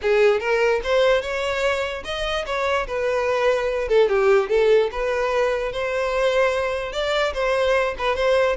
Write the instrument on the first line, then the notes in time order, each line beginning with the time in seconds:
violin
0.02 G#4
0.40 A#4
0.83 C5
1.21 C#5
2.04 D#5
2.45 C#5
2.87 B4
3.88 A4
4.08 G4
4.49 A4
4.91 B4
5.72 C5
6.92 D5
7.33 C5
7.98 B4
8.15 C5